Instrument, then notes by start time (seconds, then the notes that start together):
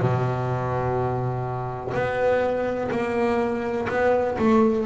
double bass
0.00 B2
1.94 B3
2.91 A#3
3.88 B3
4.38 A3